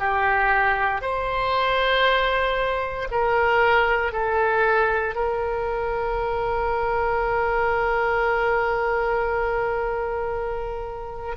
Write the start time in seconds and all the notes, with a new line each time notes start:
0.00 G4
1.02 C5
3.11 A#4
4.12 A4
5.16 A#4